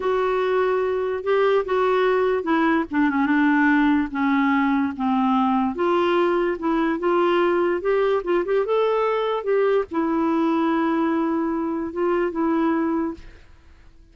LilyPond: \new Staff \with { instrumentName = "clarinet" } { \time 4/4 \tempo 4 = 146 fis'2. g'4 | fis'2 e'4 d'8 cis'8 | d'2 cis'2 | c'2 f'2 |
e'4 f'2 g'4 | f'8 g'8 a'2 g'4 | e'1~ | e'4 f'4 e'2 | }